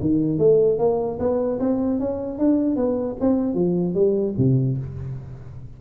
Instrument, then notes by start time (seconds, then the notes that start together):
tuba
0.00 D#3
0.38 A3
0.78 A#3
1.19 B3
1.59 C4
1.99 C#4
2.38 D4
2.76 B3
3.20 C4
3.54 F3
3.94 G3
4.37 C3